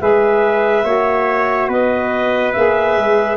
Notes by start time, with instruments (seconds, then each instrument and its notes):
0.00 tuba G#3, saxophone G#4, trumpet B4, clarinet E5
0.85 tuba A#3, saxophone F#4, trumpet C#5
1.69 tuba B3, trumpet B4, clarinet D#5
2.53 tuba A#3, saxophone G#4, clarinet E5
2.97 tuba G#3